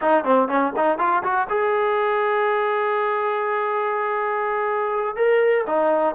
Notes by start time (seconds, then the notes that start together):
0.01 D#4
0.24 C4
0.48 C#4
0.76 D#4
0.98 F4
1.23 F#4
1.49 G#4
5.15 A#4
5.66 D#4